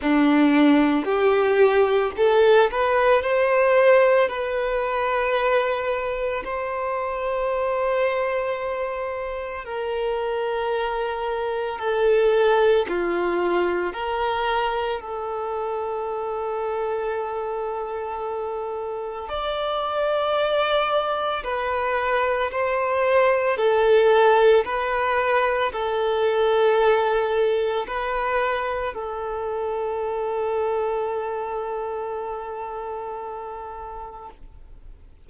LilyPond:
\new Staff \with { instrumentName = "violin" } { \time 4/4 \tempo 4 = 56 d'4 g'4 a'8 b'8 c''4 | b'2 c''2~ | c''4 ais'2 a'4 | f'4 ais'4 a'2~ |
a'2 d''2 | b'4 c''4 a'4 b'4 | a'2 b'4 a'4~ | a'1 | }